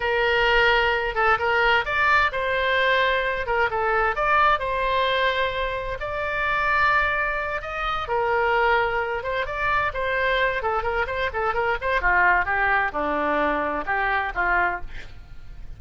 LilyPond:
\new Staff \with { instrumentName = "oboe" } { \time 4/4 \tempo 4 = 130 ais'2~ ais'8 a'8 ais'4 | d''4 c''2~ c''8 ais'8 | a'4 d''4 c''2~ | c''4 d''2.~ |
d''8 dis''4 ais'2~ ais'8 | c''8 d''4 c''4. a'8 ais'8 | c''8 a'8 ais'8 c''8 f'4 g'4 | d'2 g'4 f'4 | }